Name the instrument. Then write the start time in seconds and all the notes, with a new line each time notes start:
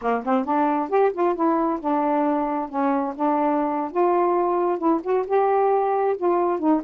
saxophone
0.01 A#3
0.25 C4
0.45 D4
0.89 G4
1.13 F4
1.35 E4
1.80 D4
2.69 C#4
3.15 D4
3.91 F4
4.78 E4
5.03 F#4
5.27 G4
6.17 F4
6.59 D#4